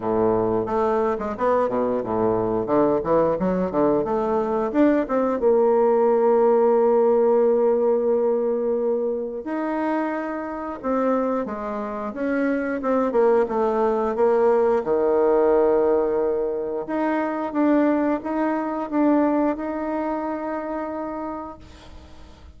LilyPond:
\new Staff \with { instrumentName = "bassoon" } { \time 4/4 \tempo 4 = 89 a,4 a8. gis16 b8 b,8 a,4 | d8 e8 fis8 d8 a4 d'8 c'8 | ais1~ | ais2 dis'2 |
c'4 gis4 cis'4 c'8 ais8 | a4 ais4 dis2~ | dis4 dis'4 d'4 dis'4 | d'4 dis'2. | }